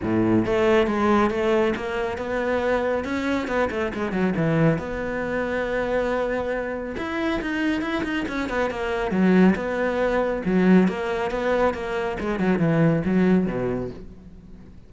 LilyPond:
\new Staff \with { instrumentName = "cello" } { \time 4/4 \tempo 4 = 138 a,4 a4 gis4 a4 | ais4 b2 cis'4 | b8 a8 gis8 fis8 e4 b4~ | b1 |
e'4 dis'4 e'8 dis'8 cis'8 b8 | ais4 fis4 b2 | fis4 ais4 b4 ais4 | gis8 fis8 e4 fis4 b,4 | }